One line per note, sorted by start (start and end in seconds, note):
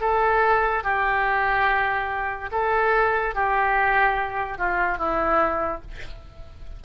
0.00 0.83 A4
0.83 2.50 G4
2.52 3.35 A4
3.35 4.58 G4
4.58 4.98 F4
4.98 5.81 E4